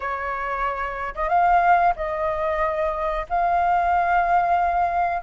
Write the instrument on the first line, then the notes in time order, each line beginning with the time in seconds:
flute
0.00 C#5
1.14 D#5
1.29 F5
1.96 D#5
3.29 F5